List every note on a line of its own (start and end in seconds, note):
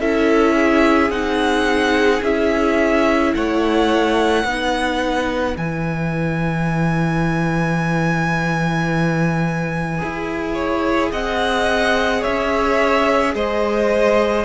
0.00 1.10 C#4
0.00 1.11 E4
0.00 0.56 A4
0.00 1.12 E5
0.56 3.33 G#4
1.10 2.21 C4
1.10 2.22 D#4
1.10 2.23 F#5
2.23 3.34 C#4
2.23 4.47 E4
2.23 3.35 E5
3.35 4.45 A3
3.35 4.46 C#5
3.35 5.57 F#5
4.45 5.56 B3
4.45 5.57 D#4
4.45 10.54 B4
5.57 10.01 E3
5.57 9.99 E4
5.57 11.13 G#5
9.99 11.13 E4
9.99 14.43 G#4
10.54 11.10 C#5
11.12 12.24 C4
11.12 12.22 D#5
11.12 12.24 F#5
12.22 13.35 C#4
12.22 13.33 C#5
12.22 13.35 E5
13.35 14.45 G#3
13.35 14.45 C5
13.35 14.45 D#5